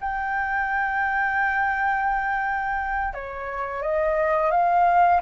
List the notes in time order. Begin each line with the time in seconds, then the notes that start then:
0.00 G5
3.13 C#5
3.82 D#5
4.51 F5